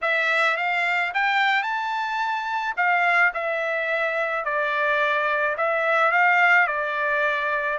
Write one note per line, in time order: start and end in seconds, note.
0.01 0.57 E5
0.57 1.12 F5
1.14 1.62 G5
1.62 2.73 A5
2.76 3.32 F5
3.34 4.44 E5
4.44 5.56 D5
5.57 6.11 E5
6.11 6.67 F5
6.67 7.78 D5